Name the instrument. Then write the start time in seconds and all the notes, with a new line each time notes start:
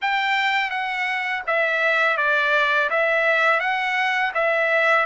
trumpet
0.01 G5
0.70 F#5
1.46 E5
2.17 D5
2.89 E5
3.59 F#5
4.34 E5